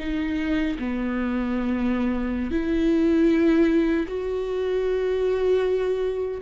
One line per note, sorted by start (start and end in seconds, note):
0.00 0.78 D#4
0.79 2.51 B3
2.51 4.07 E4
4.08 6.42 F#4